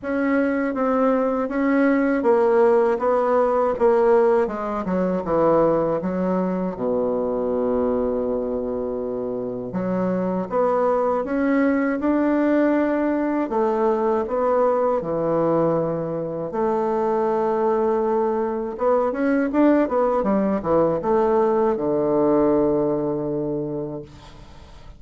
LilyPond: \new Staff \with { instrumentName = "bassoon" } { \time 4/4 \tempo 4 = 80 cis'4 c'4 cis'4 ais4 | b4 ais4 gis8 fis8 e4 | fis4 b,2.~ | b,4 fis4 b4 cis'4 |
d'2 a4 b4 | e2 a2~ | a4 b8 cis'8 d'8 b8 g8 e8 | a4 d2. | }